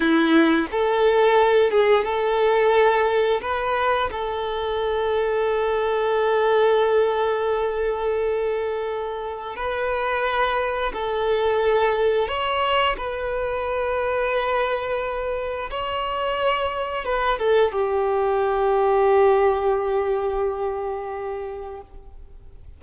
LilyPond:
\new Staff \with { instrumentName = "violin" } { \time 4/4 \tempo 4 = 88 e'4 a'4. gis'8 a'4~ | a'4 b'4 a'2~ | a'1~ | a'2 b'2 |
a'2 cis''4 b'4~ | b'2. cis''4~ | cis''4 b'8 a'8 g'2~ | g'1 | }